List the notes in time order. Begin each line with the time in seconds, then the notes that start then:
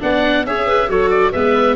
0.00 B3 D4 D5 F#5
0.46 C#4 G#4 C#5 E5
0.66 B4
0.88 F#3 F#4 A4 C#5
1.10 D5
1.32 G#3 B3 B4 E5